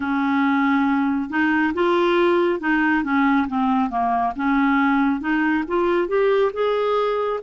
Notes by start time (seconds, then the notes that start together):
0.00 C#4
1.29 D#4
1.74 F4
2.60 D#4
3.03 C#4
3.47 C4
3.89 A#3
4.36 C#4
5.20 D#4
5.68 F4
6.08 G4
6.53 G#4